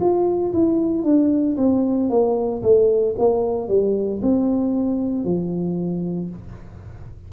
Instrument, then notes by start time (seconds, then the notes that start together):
tuba
0.00 F4
0.53 E4
1.03 D4
1.57 C4
2.10 A#3
2.62 A3
3.18 A#3
3.68 G3
4.22 C4
5.24 F3